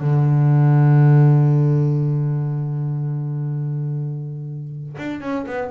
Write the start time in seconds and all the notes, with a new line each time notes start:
0.00 D3
4.98 D4
5.21 C#4
5.47 B3